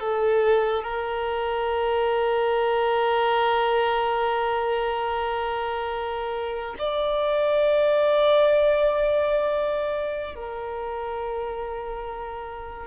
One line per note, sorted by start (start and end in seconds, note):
0.00 0.84 A4
0.84 6.75 A#4
6.79 10.35 D5
10.35 12.87 A#4